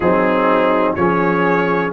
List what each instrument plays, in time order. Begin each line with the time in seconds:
0.00 tuba F#3, trombone C4, horn D#4, trumpet G#4
0.95 tuba F3, trombone C#4, horn G#4, trumpet C#5